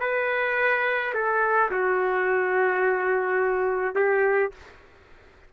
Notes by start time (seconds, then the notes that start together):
0.00 B4
1.14 A4
1.71 F#4
3.95 G4